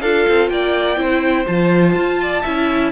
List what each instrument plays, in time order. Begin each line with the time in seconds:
0.00 cello D4, viola F4, violin A4 F5
0.28 cello C4
0.49 cello A#3, violin D5 G5
0.96 cello C4, viola E4, violin C5
1.46 cello F3, viola F4, violin A5
1.95 cello F4
2.22 violin D5
2.42 cello C#4, viola E4, violin E5